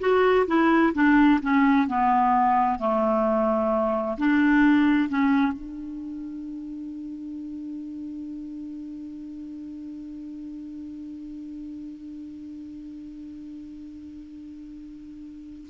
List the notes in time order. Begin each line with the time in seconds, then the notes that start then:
0.00 F#4
0.47 E4
0.94 D4
1.42 C#4
1.88 B3
2.79 A3
4.18 D4
5.09 C#4
5.53 D4